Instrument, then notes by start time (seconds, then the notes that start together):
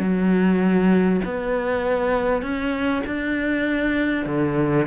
cello
0.00 F#3
1.25 B3
2.43 C#4
3.07 D4
4.26 D3